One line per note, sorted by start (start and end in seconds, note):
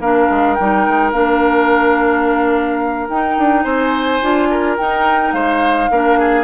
0.00 0.28 A#3
0.00 0.58 D4
0.00 3.64 A#4
0.00 0.55 F5
0.30 0.58 G#3
0.55 0.87 G3
0.55 1.13 D#4
0.55 1.11 G5
0.87 1.13 G#3
1.12 3.09 A#3
1.12 3.09 D4
1.12 3.08 F5
3.09 3.37 D#4
3.09 4.22 D#4
3.09 3.64 G5
3.38 3.65 D4
3.64 4.21 C4
3.64 4.48 C5
3.64 4.76 G#5
4.22 4.79 D4
4.22 4.78 F4
4.51 5.34 A#4
4.77 5.91 D#4
4.77 5.33 D#4
4.77 5.33 G5
5.33 5.89 G#3
5.33 5.90 C5
5.33 6.44 F5
5.90 6.44 A#3
5.90 6.44 D4
5.90 6.19 A#4
6.19 6.44 G#4